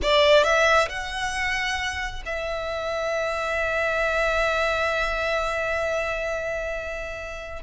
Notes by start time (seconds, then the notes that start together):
0.02 D5
0.43 E5
0.88 F#5
2.25 E5